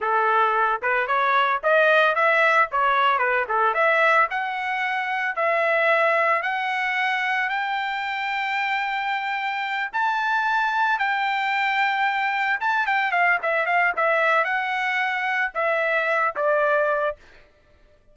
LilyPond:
\new Staff \with { instrumentName = "trumpet" } { \time 4/4 \tempo 4 = 112 a'4. b'8 cis''4 dis''4 | e''4 cis''4 b'8 a'8 e''4 | fis''2 e''2 | fis''2 g''2~ |
g''2~ g''8 a''4.~ | a''8 g''2. a''8 | g''8 f''8 e''8 f''8 e''4 fis''4~ | fis''4 e''4. d''4. | }